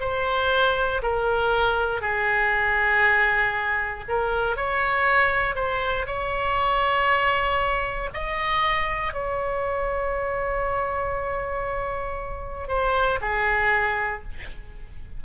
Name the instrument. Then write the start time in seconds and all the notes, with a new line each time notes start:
oboe
0.00 C5
1.03 A#4
2.01 G#4
4.09 A#4
4.57 C#5
5.55 C5
6.06 C#5
8.14 D#5
9.13 C#5
12.68 C5
13.21 G#4